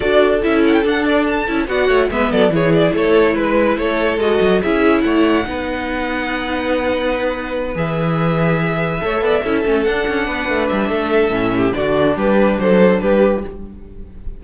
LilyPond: <<
  \new Staff \with { instrumentName = "violin" } { \time 4/4 \tempo 4 = 143 d''4 e''8 fis''16 g''16 fis''8 d''8 a''4 | fis''4 e''8 d''8 cis''8 d''8 cis''4 | b'4 cis''4 dis''4 e''4 | fis''1~ |
fis''2~ fis''8 e''4.~ | e''2.~ e''8 fis''8~ | fis''4. e''2~ e''8 | d''4 b'4 c''4 b'4 | }
  \new Staff \with { instrumentName = "violin" } { \time 4/4 a'1 | d''8 cis''8 b'8 a'8 gis'4 a'4 | b'4 a'2 gis'4 | cis''4 b'2.~ |
b'1~ | b'4. cis''8 d''8 a'4.~ | a'8 b'4. a'4. g'8 | fis'4 g'4 a'4 g'4 | }
  \new Staff \with { instrumentName = "viola" } { \time 4/4 fis'4 e'4 d'4. e'8 | fis'4 b4 e'2~ | e'2 fis'4 e'4~ | e'4 dis'2.~ |
dis'2~ dis'8 gis'4.~ | gis'4. a'4 e'8 cis'8 d'8~ | d'2. cis'4 | d'1 | }
  \new Staff \with { instrumentName = "cello" } { \time 4/4 d'4 cis'4 d'4. cis'8 | b8 a8 gis8 fis8 e4 a4 | gis4 a4 gis8 fis8 cis'4 | a4 b2.~ |
b2~ b8 e4.~ | e4. a8 b8 cis'8 a8 d'8 | cis'8 b8 a8 g8 a4 a,4 | d4 g4 fis4 g4 | }
>>